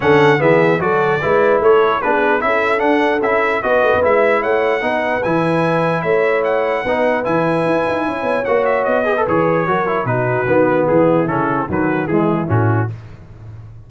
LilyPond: <<
  \new Staff \with { instrumentName = "trumpet" } { \time 4/4 \tempo 4 = 149 fis''4 e''4 d''2 | cis''4 b'4 e''4 fis''4 | e''4 dis''4 e''4 fis''4~ | fis''4 gis''2 e''4 |
fis''2 gis''2~ | gis''4 fis''8 e''8 dis''4 cis''4~ | cis''4 b'2 gis'4 | a'4 b'4 gis'4 fis'4 | }
  \new Staff \with { instrumentName = "horn" } { \time 4/4 a'4 gis'4 a'4 b'4 | a'4 gis'4 a'2~ | a'4 b'2 cis''4 | b'2. cis''4~ |
cis''4 b'2. | cis''2~ cis''8 b'4. | ais'4 fis'2 e'4~ | e'4 fis'4 e'2 | }
  \new Staff \with { instrumentName = "trombone" } { \time 4/4 cis'4 b4 fis'4 e'4~ | e'4 d'4 e'4 d'4 | e'4 fis'4 e'2 | dis'4 e'2.~ |
e'4 dis'4 e'2~ | e'4 fis'4. gis'16 a'16 gis'4 | fis'8 e'8 dis'4 b2 | cis'4 fis4 gis4 cis'4 | }
  \new Staff \with { instrumentName = "tuba" } { \time 4/4 d4 e4 fis4 gis4 | a4 b4 cis'4 d'4 | cis'4 b8 a16 b16 gis4 a4 | b4 e2 a4~ |
a4 b4 e4 e'8 dis'8 | cis'8 b8 ais4 b4 e4 | fis4 b,4 dis4 e4 | cis4 dis4 e4 a,4 | }
>>